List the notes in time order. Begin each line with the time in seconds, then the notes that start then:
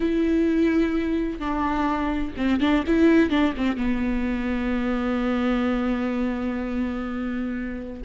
0.00 E4
1.39 D4
2.36 C4
2.60 D4
2.86 E4
3.29 D4
3.56 C4
3.76 B3